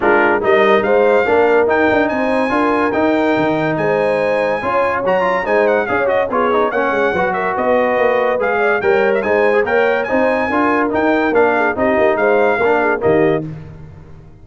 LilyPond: <<
  \new Staff \with { instrumentName = "trumpet" } { \time 4/4 \tempo 4 = 143 ais'4 dis''4 f''2 | g''4 gis''2 g''4~ | g''4 gis''2. | ais''4 gis''8 fis''8 f''8 dis''8 cis''4 |
fis''4. e''8 dis''2 | f''4 g''8. e''16 gis''4 g''4 | gis''2 g''4 f''4 | dis''4 f''2 dis''4 | }
  \new Staff \with { instrumentName = "horn" } { \time 4/4 f'4 ais'4 c''4 ais'4~ | ais'4 c''4 ais'2~ | ais'4 c''2 cis''4~ | cis''4 c''4 cis''4 gis'4 |
cis''4 b'8 ais'8 b'2~ | b'8 d''8 cis''4 c''4 cis''4 | c''4 ais'2~ ais'8 gis'8 | g'4 c''4 ais'8 gis'8 g'4 | }
  \new Staff \with { instrumentName = "trombone" } { \time 4/4 d'4 dis'2 d'4 | dis'2 f'4 dis'4~ | dis'2. f'4 | fis'8 f'8 dis'4 gis'8 fis'8 f'8 dis'8 |
cis'4 fis'2. | gis'4 ais'4 dis'8. gis'16 ais'4 | dis'4 f'4 dis'4 d'4 | dis'2 d'4 ais4 | }
  \new Staff \with { instrumentName = "tuba" } { \time 4/4 gis4 g4 gis4 ais4 | dis'8 d'8 c'4 d'4 dis'4 | dis4 gis2 cis'4 | fis4 gis4 cis'4 b4 |
ais8 gis8 fis4 b4 ais4 | gis4 g4 gis4 ais4 | c'4 d'4 dis'4 ais4 | c'8 ais8 gis4 ais4 dis4 | }
>>